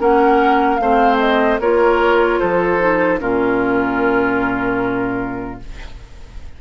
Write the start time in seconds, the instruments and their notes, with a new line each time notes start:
0.00 bassoon A#3, clarinet C#4, oboe A#4, flute F#5
0.76 bassoon A3, clarinet C4, oboe C5, flute F5
1.19 flute D#5
1.60 bassoon A#3, clarinet F4, oboe A#4, flute C#5
2.40 bassoon F3, oboe A4, flute C5
2.79 clarinet D#4
3.20 bassoon A#2, clarinet C#4, oboe F4, flute A#4